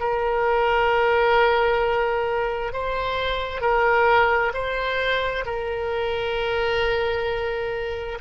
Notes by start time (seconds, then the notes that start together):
0.00 A#4
2.73 C5
3.61 A#4
4.53 C5
5.45 A#4